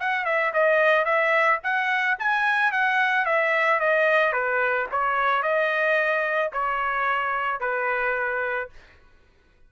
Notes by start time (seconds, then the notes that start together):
0.00 F#5
0.25 E5
0.54 D#5
1.05 E5
1.63 F#5
2.19 G#5
2.72 F#5
3.26 E5
3.80 D#5
4.33 B4
4.92 C#5
5.42 D#5
6.53 C#5
7.61 B4